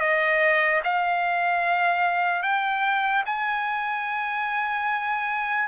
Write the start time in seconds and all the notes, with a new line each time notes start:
0.00 D#5
0.83 F5
2.42 G5
3.25 G#5